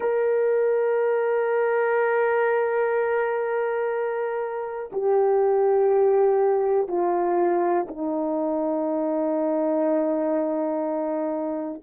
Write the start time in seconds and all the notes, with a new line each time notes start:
0.00 A#4
4.92 G4
6.88 F4
7.87 D#4